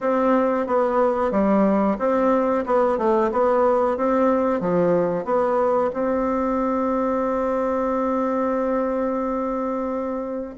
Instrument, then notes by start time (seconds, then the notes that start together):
bassoon
0.00 C4
0.66 B3
1.31 G3
1.98 C4
2.66 B3
2.98 A3
3.31 B3
3.97 C4
4.60 F3
5.24 B3
5.93 C4